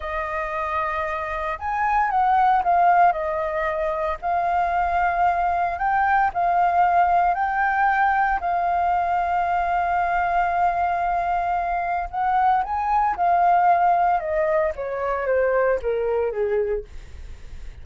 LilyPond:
\new Staff \with { instrumentName = "flute" } { \time 4/4 \tempo 4 = 114 dis''2. gis''4 | fis''4 f''4 dis''2 | f''2. g''4 | f''2 g''2 |
f''1~ | f''2. fis''4 | gis''4 f''2 dis''4 | cis''4 c''4 ais'4 gis'4 | }